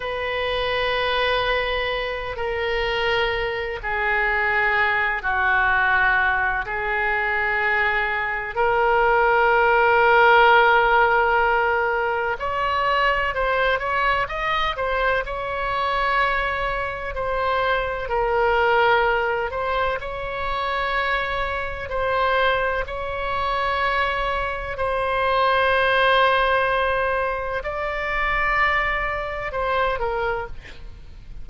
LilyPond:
\new Staff \with { instrumentName = "oboe" } { \time 4/4 \tempo 4 = 63 b'2~ b'8 ais'4. | gis'4. fis'4. gis'4~ | gis'4 ais'2.~ | ais'4 cis''4 c''8 cis''8 dis''8 c''8 |
cis''2 c''4 ais'4~ | ais'8 c''8 cis''2 c''4 | cis''2 c''2~ | c''4 d''2 c''8 ais'8 | }